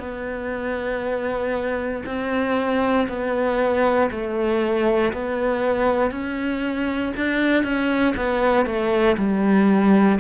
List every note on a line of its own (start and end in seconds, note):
0.00 2.03 B3
2.06 3.08 C4
3.09 4.10 B3
4.11 5.13 A3
5.14 6.12 B3
6.12 7.13 C#4
7.17 7.64 D4
7.64 8.14 C#4
8.17 8.66 B3
8.66 9.17 A3
9.18 10.19 G3